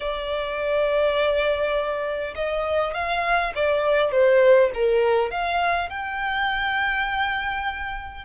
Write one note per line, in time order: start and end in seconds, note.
0.00 2.34 D5
2.35 2.94 D#5
2.94 3.52 F5
3.55 4.11 D5
4.11 4.70 C5
4.74 5.30 A#4
5.30 5.89 F5
5.89 8.24 G5